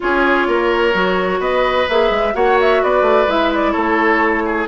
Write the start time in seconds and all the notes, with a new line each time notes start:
0.00 C#4 F4 G#4 C#5
0.47 A#3 A#4
0.92 F#3 F#4
1.39 B3 B4 D#5
1.88 A#3 G#4 E5
2.10 G#3
2.33 A#3 F#4 C#5 F#5
2.61 E5
2.82 B3 B4 D5
3.01 A3
3.27 G#3 E4 E5
3.54 D5
3.72 A3 A4 C#5
4.45 G#4